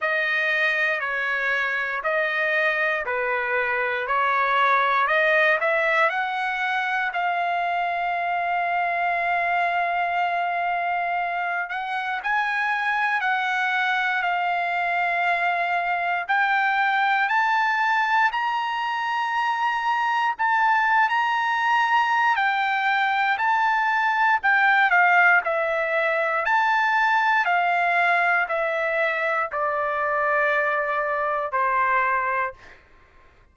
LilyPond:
\new Staff \with { instrumentName = "trumpet" } { \time 4/4 \tempo 4 = 59 dis''4 cis''4 dis''4 b'4 | cis''4 dis''8 e''8 fis''4 f''4~ | f''2.~ f''8 fis''8 | gis''4 fis''4 f''2 |
g''4 a''4 ais''2 | a''8. ais''4~ ais''16 g''4 a''4 | g''8 f''8 e''4 a''4 f''4 | e''4 d''2 c''4 | }